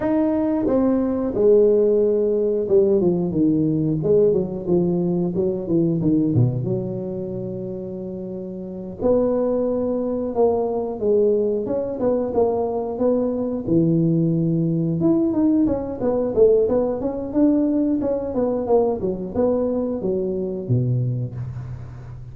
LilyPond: \new Staff \with { instrumentName = "tuba" } { \time 4/4 \tempo 4 = 90 dis'4 c'4 gis2 | g8 f8 dis4 gis8 fis8 f4 | fis8 e8 dis8 b,8 fis2~ | fis4. b2 ais8~ |
ais8 gis4 cis'8 b8 ais4 b8~ | b8 e2 e'8 dis'8 cis'8 | b8 a8 b8 cis'8 d'4 cis'8 b8 | ais8 fis8 b4 fis4 b,4 | }